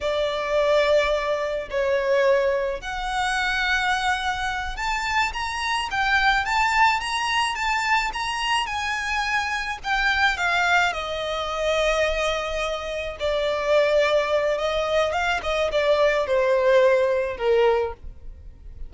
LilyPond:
\new Staff \with { instrumentName = "violin" } { \time 4/4 \tempo 4 = 107 d''2. cis''4~ | cis''4 fis''2.~ | fis''8 a''4 ais''4 g''4 a''8~ | a''8 ais''4 a''4 ais''4 gis''8~ |
gis''4. g''4 f''4 dis''8~ | dis''2.~ dis''8 d''8~ | d''2 dis''4 f''8 dis''8 | d''4 c''2 ais'4 | }